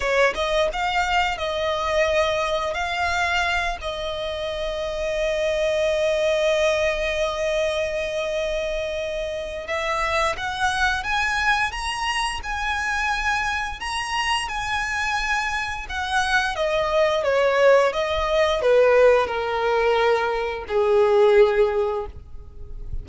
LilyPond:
\new Staff \with { instrumentName = "violin" } { \time 4/4 \tempo 4 = 87 cis''8 dis''8 f''4 dis''2 | f''4. dis''2~ dis''8~ | dis''1~ | dis''2 e''4 fis''4 |
gis''4 ais''4 gis''2 | ais''4 gis''2 fis''4 | dis''4 cis''4 dis''4 b'4 | ais'2 gis'2 | }